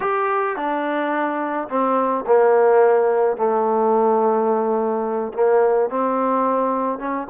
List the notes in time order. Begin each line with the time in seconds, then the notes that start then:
0.00 G4
0.56 D4
1.68 C4
2.26 A#3
3.36 A3
5.33 A#3
5.89 C4
6.99 C#4